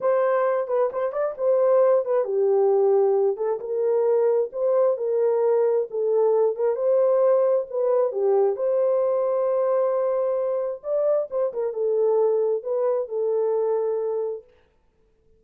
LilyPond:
\new Staff \with { instrumentName = "horn" } { \time 4/4 \tempo 4 = 133 c''4. b'8 c''8 d''8 c''4~ | c''8 b'8 g'2~ g'8 a'8 | ais'2 c''4 ais'4~ | ais'4 a'4. ais'8 c''4~ |
c''4 b'4 g'4 c''4~ | c''1 | d''4 c''8 ais'8 a'2 | b'4 a'2. | }